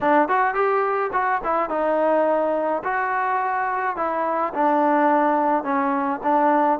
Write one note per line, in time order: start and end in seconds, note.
0.01 0.28 D4
0.28 0.54 F#4
0.54 1.10 G4
1.12 1.41 F#4
1.44 1.69 E4
1.69 2.83 D#4
2.84 3.96 F#4
3.96 4.53 E4
4.53 5.63 D4
5.63 6.20 C#4
6.23 6.79 D4